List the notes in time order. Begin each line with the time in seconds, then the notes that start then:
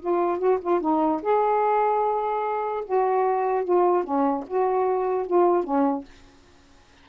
0.00 F4
0.39 F#4
0.61 F4
0.81 D#4
1.23 G#4
2.85 F#4
3.65 F4
4.04 C#4
4.48 F#4
5.27 F4
5.64 C#4